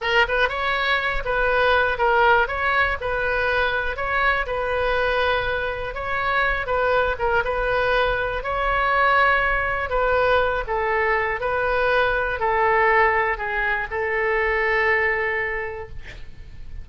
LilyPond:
\new Staff \with { instrumentName = "oboe" } { \time 4/4 \tempo 4 = 121 ais'8 b'8 cis''4. b'4. | ais'4 cis''4 b'2 | cis''4 b'2. | cis''4. b'4 ais'8 b'4~ |
b'4 cis''2. | b'4. a'4. b'4~ | b'4 a'2 gis'4 | a'1 | }